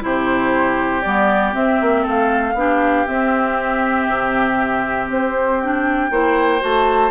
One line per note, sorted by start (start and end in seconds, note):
0.00 1.04 C3
0.00 1.02 E4
0.00 2.02 G4
0.00 1.01 C5
1.01 1.54 G3
1.01 1.52 B3
1.01 1.52 D5
1.52 2.54 C4
1.52 1.79 C4
1.52 2.06 E5
1.80 2.06 A#3
2.02 2.54 A3
2.02 2.52 A4
2.09 3.07 F5
2.54 3.05 B3
2.54 3.07 D4
2.54 6.11 G4
3.07 5.61 C4
3.07 4.07 C4
3.07 5.10 E5
4.07 5.09 C3
5.09 6.10 C4
5.09 5.60 C5
5.60 6.11 D4
5.60 6.62 G5
6.10 6.61 A#3
6.10 6.59 E4
6.10 7.11 C5
6.59 7.11 A3
6.59 7.10 F#4
6.59 7.11 A5